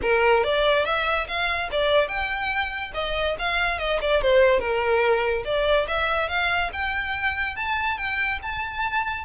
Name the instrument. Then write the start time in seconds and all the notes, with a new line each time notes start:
violin
0.02 A#4
0.43 D5
0.85 E5
1.27 F5
1.71 D5
2.08 G5
2.94 D#5
3.38 F5
3.78 D#5
4.01 D5
4.21 C5
4.59 A#4
5.45 D5
5.87 E5
6.28 F5
6.72 G5
7.56 A5
7.97 G5
8.42 A5